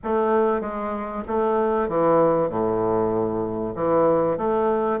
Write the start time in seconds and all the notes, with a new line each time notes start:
0.03 A3
0.60 G#3
1.27 A3
1.88 E3
2.49 A2
3.75 E3
4.37 A3